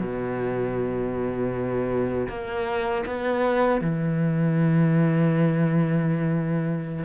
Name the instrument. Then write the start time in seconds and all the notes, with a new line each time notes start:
cello
0.00 B2
2.29 A#3
3.06 B3
3.81 E3